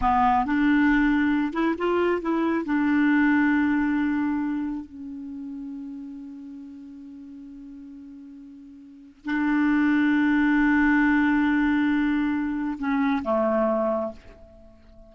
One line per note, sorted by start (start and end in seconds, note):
0.01 0.45 B3
0.45 1.53 D4
1.53 1.75 E4
1.78 2.21 F4
2.21 2.65 E4
2.65 4.85 D4
4.85 9.25 C#4
9.25 12.78 D4
12.78 13.23 C#4
13.24 14.12 A3